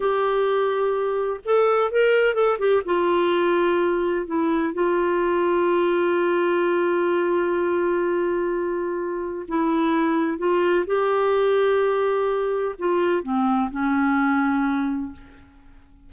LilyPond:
\new Staff \with { instrumentName = "clarinet" } { \time 4/4 \tempo 4 = 127 g'2. a'4 | ais'4 a'8 g'8 f'2~ | f'4 e'4 f'2~ | f'1~ |
f'1 | e'2 f'4 g'4~ | g'2. f'4 | c'4 cis'2. | }